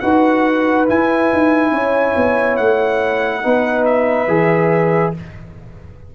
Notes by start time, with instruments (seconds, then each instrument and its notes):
0.00 tuba D#4, trombone F#4, horn B4, trumpet F#5
0.86 trombone E4, tuba E4, trumpet G#5
1.32 tuba D#4
1.71 tuba C#4, horn C#5
2.16 tuba B3
2.56 tuba A3, trumpet F#5
3.42 tuba B3, trombone D#4, horn B4
3.85 trumpet E5
4.27 tuba E3, trombone G#4